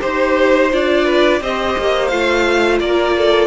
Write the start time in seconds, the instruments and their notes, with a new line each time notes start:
0.00 cello D#4, viola G4, violin C5
0.71 cello D4, viola F4, violin D5
1.05 violin B4
1.41 cello C4, viola G4, violin C5 D#5
1.77 cello A#3
2.08 cello A3, viola F4, violin F5
2.80 cello A#3, violin A#4 D5
3.17 violin A4